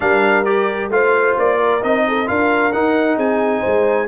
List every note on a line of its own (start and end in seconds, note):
0.00 0.89 G3
0.00 0.45 D4
0.00 0.92 A#4
0.00 0.44 F5
0.44 0.90 G4
0.44 0.90 D5
0.89 1.34 A3
0.89 1.81 F4
0.89 1.56 C5
0.89 1.37 F5
1.37 1.83 A#3
1.37 1.83 D5
1.56 2.02 A#4
1.81 2.28 C4
1.81 2.25 D#4
1.81 2.28 D#5
2.07 2.28 A4
2.25 2.73 D4
2.25 2.71 F4
2.25 3.16 A#4
2.25 2.72 F5
2.72 3.17 D#4
2.72 4.07 D#4
2.72 3.18 F#5
3.16 3.62 C4
3.16 3.59 G#4
3.16 4.07 G#5
3.59 4.07 G#3
3.59 4.05 C5